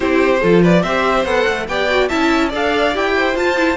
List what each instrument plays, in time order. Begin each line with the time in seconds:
0.00 cello C4, viola E4, violin G4 C5
0.40 cello F3, viola F4, violin A4
0.62 violin B4 D5
0.82 cello C4, viola G4, violin C5 E5
1.24 cello B3, viola A4, violin F#5
1.48 cello A3
1.68 cello B3, viola G4, violin D5 G5
1.89 viola F#4
2.08 cello C#4, viola E4, violin E5 A5
2.49 cello D4, viola A4, violin D5
2.55 violin F5
2.93 cello E4, viola G4, violin G5
3.16 violin C5
3.35 viola F4, cello F4, violin A5
3.56 viola E4